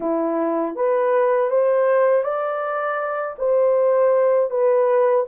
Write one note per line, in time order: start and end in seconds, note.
0.00 0.75 E4
0.75 1.50 B4
1.50 2.23 C5
2.23 3.36 D5
3.38 4.50 C5
4.50 5.25 B4